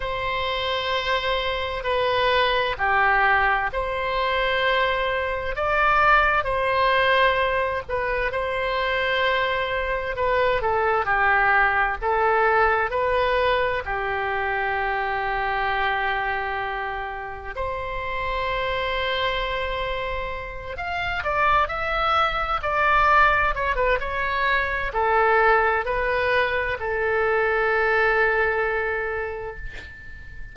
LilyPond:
\new Staff \with { instrumentName = "oboe" } { \time 4/4 \tempo 4 = 65 c''2 b'4 g'4 | c''2 d''4 c''4~ | c''8 b'8 c''2 b'8 a'8 | g'4 a'4 b'4 g'4~ |
g'2. c''4~ | c''2~ c''8 f''8 d''8 e''8~ | e''8 d''4 cis''16 b'16 cis''4 a'4 | b'4 a'2. | }